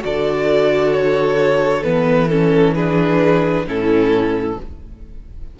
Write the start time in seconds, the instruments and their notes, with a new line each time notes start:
0.00 cello D3, viola F#4, violin A4 D5
0.93 violin C#5
1.84 cello E3, viola B3, violin B4
2.29 viola C#4, violin A4
2.74 viola D4, violin G#4 B4
3.66 cello A2, viola C#4, violin E4 A4